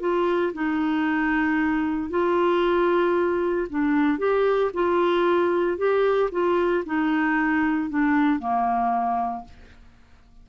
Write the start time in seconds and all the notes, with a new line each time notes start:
0.00 F4
0.53 D#4
2.10 F4
3.70 D4
4.19 G4
4.74 F4
5.78 G4
6.32 F4
6.86 D#4
7.90 D4
8.39 A#3